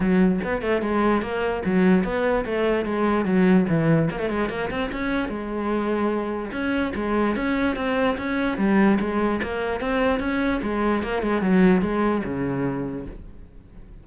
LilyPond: \new Staff \with { instrumentName = "cello" } { \time 4/4 \tempo 4 = 147 fis4 b8 a8 gis4 ais4 | fis4 b4 a4 gis4 | fis4 e4 ais16 a16 gis8 ais8 c'8 | cis'4 gis2. |
cis'4 gis4 cis'4 c'4 | cis'4 g4 gis4 ais4 | c'4 cis'4 gis4 ais8 gis8 | fis4 gis4 cis2 | }